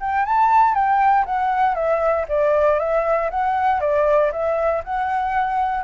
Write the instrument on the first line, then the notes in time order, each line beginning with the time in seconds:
flute
0.00 G5
0.26 A5
0.74 G5
1.26 F#5
1.75 E5
2.29 D5
2.79 E5
3.31 F#5
3.80 D5
4.32 E5
4.84 F#5